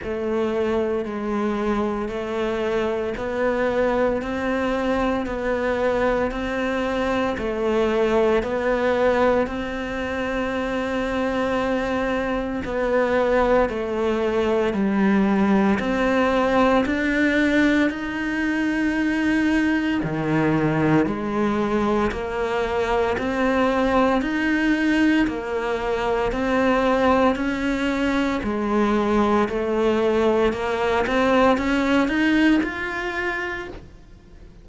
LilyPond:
\new Staff \with { instrumentName = "cello" } { \time 4/4 \tempo 4 = 57 a4 gis4 a4 b4 | c'4 b4 c'4 a4 | b4 c'2. | b4 a4 g4 c'4 |
d'4 dis'2 dis4 | gis4 ais4 c'4 dis'4 | ais4 c'4 cis'4 gis4 | a4 ais8 c'8 cis'8 dis'8 f'4 | }